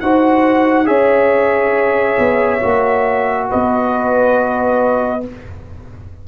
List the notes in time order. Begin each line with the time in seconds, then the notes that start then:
0.00 D#4 F#4 C5 F#5
0.85 C#4 G#4 C#5 E5
2.18 B3
2.60 A#3 F#4
3.49 B3 B4 D#5